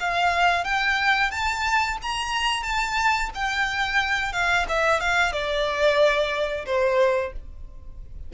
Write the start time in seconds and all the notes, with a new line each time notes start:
0.00 F5
0.64 G5
1.31 A5
2.02 A#5
2.63 A5
3.35 G5
4.32 F5
4.68 E5
5.00 F5
5.32 D5
6.66 C5